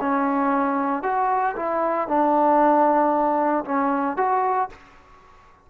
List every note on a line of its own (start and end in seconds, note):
0.00 1.03 C#4
1.03 1.55 F#4
1.56 2.08 E4
2.08 3.64 D4
3.65 4.17 C#4
4.17 4.69 F#4